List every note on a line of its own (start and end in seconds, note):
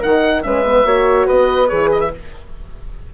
0.00 0.45 D#3
0.00 0.43 D#4
0.00 0.42 A#4
0.00 0.43 F#5
0.43 0.85 G#3
0.43 0.64 C#4
0.43 0.87 B4
0.43 1.27 E5
0.65 0.85 B3
0.85 1.27 A#3
0.85 1.69 F#4
0.85 1.27 C#5
1.27 1.72 B3
1.27 2.11 B4
1.27 1.69 D#5
1.69 2.14 E3
1.69 2.11 G#4
1.69 1.90 C#5
1.92 2.01 D#5
2.01 2.11 E5